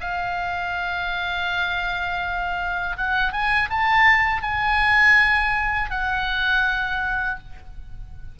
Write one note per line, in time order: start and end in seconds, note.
0.00 2.96 F5
2.97 3.32 F#5
3.32 3.69 G#5
3.70 4.42 A5
4.42 5.90 G#5
5.90 7.38 F#5